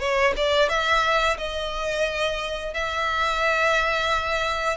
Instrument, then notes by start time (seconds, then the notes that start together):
violin
0.00 C#5
0.37 D5
0.69 E5
1.38 D#5
2.74 E5